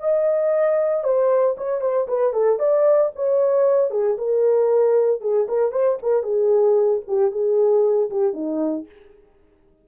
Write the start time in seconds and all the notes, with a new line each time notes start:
0.00 D#5
1.04 C5
1.58 C#5
1.81 C5
2.08 B4
2.33 A4
2.59 D5
3.16 C#5
3.91 G#4
4.18 A#4
5.21 G#4
5.48 A#4
5.72 C5
6.03 A#4
6.23 G#4
7.08 G4
7.32 G#4
8.10 G4
8.34 D#4